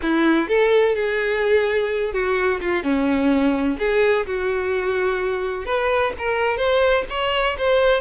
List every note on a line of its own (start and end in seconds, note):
0.02 0.48 E4
0.48 0.95 A4
0.95 2.13 G#4
2.13 2.60 F#4
2.60 2.83 F4
2.83 3.78 C#4
3.79 4.26 G#4
4.26 5.65 F#4
5.65 6.12 B4
6.18 6.57 A#4
6.57 7.04 C5
7.09 7.57 C#5
7.57 8.01 C5